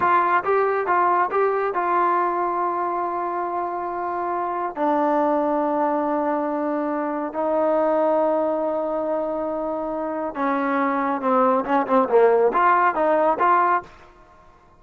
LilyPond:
\new Staff \with { instrumentName = "trombone" } { \time 4/4 \tempo 4 = 139 f'4 g'4 f'4 g'4 | f'1~ | f'2. d'4~ | d'1~ |
d'4 dis'2.~ | dis'1 | cis'2 c'4 cis'8 c'8 | ais4 f'4 dis'4 f'4 | }